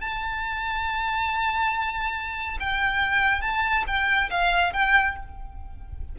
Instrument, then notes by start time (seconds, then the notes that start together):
violin
0.00 A5
2.59 G5
3.41 A5
3.86 G5
4.30 F5
4.73 G5